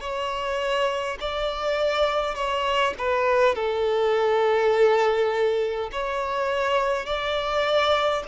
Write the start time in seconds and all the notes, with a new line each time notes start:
0.00 C#5
1.20 D5
2.35 C#5
2.98 B4
3.55 A4
5.91 C#5
7.05 D5